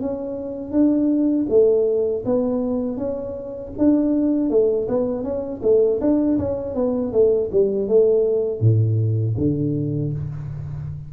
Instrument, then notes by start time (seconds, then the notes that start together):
tuba
0.00 C#4
0.71 D4
1.49 A3
2.25 B3
2.97 C#4
3.78 D4
4.50 A3
4.88 B3
5.23 C#4
5.62 A3
6.00 D4
6.38 C#4
6.75 B3
7.12 A3
7.51 G3
7.88 A3
8.60 A2
9.38 D3